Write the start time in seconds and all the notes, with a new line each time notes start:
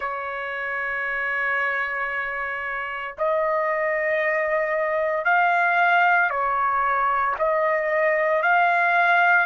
0.00 C#5
3.18 D#5
5.24 F5
6.30 C#5
7.39 D#5
8.42 F5